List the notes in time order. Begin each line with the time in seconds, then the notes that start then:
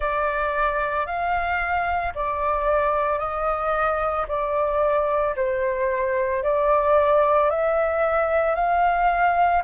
0.00 D5
1.06 F5
2.14 D5
3.19 D#5
4.28 D5
5.36 C5
6.43 D5
7.50 E5
8.55 F5